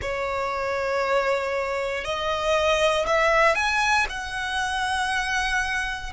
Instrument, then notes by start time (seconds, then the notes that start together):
violin
0.01 C#5
2.04 D#5
3.06 E5
3.55 G#5
4.09 F#5